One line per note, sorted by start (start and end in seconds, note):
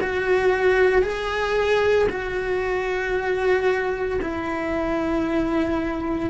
0.00 1.02 F#4
1.02 2.07 G#4
2.09 4.20 F#4
4.22 6.30 E4